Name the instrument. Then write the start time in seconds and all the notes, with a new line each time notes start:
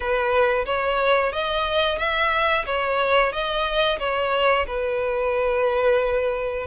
violin
0.00 B4
0.65 C#5
1.32 D#5
1.98 E5
2.66 C#5
3.32 D#5
3.99 C#5
4.66 B4